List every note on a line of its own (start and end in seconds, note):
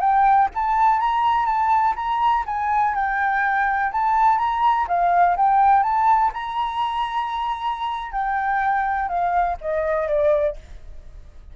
0.00 0.48 G5
0.54 1.00 A5
1.00 1.45 A#5
1.45 1.94 A5
1.96 2.44 A#5
2.46 2.94 G#5
2.94 3.91 G5
3.91 4.38 A5
4.38 4.86 A#5
4.88 5.36 F5
5.36 5.83 G5
5.83 6.31 A5
6.33 8.11 A#5
8.11 9.08 G5
9.08 9.57 F5
9.61 10.08 D#5
10.08 10.56 D5